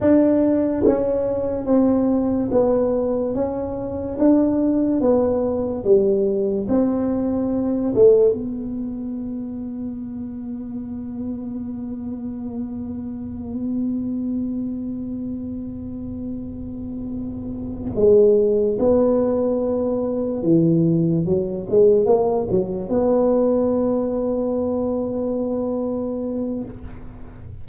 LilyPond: \new Staff \with { instrumentName = "tuba" } { \time 4/4 \tempo 4 = 72 d'4 cis'4 c'4 b4 | cis'4 d'4 b4 g4 | c'4. a8 b2~ | b1~ |
b1~ | b4. gis4 b4.~ | b8 e4 fis8 gis8 ais8 fis8 b8~ | b1 | }